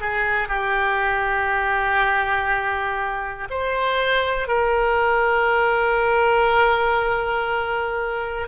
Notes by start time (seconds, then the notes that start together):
0.00 G#4
0.48 G4
3.50 C5
4.47 A#4